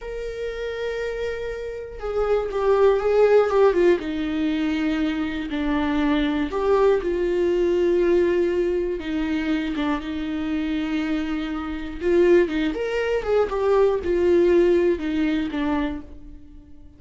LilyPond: \new Staff \with { instrumentName = "viola" } { \time 4/4 \tempo 4 = 120 ais'1 | gis'4 g'4 gis'4 g'8 f'8 | dis'2. d'4~ | d'4 g'4 f'2~ |
f'2 dis'4. d'8 | dis'1 | f'4 dis'8 ais'4 gis'8 g'4 | f'2 dis'4 d'4 | }